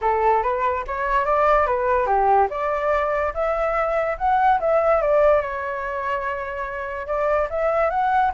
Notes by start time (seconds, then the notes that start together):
0.01 A4
0.42 B4
0.87 C#5
1.25 D5
1.66 B4
2.06 G4
2.50 D5
3.34 E5
4.18 F#5
4.60 E5
5.01 D5
5.41 C#5
7.06 D5
7.50 E5
7.90 F#5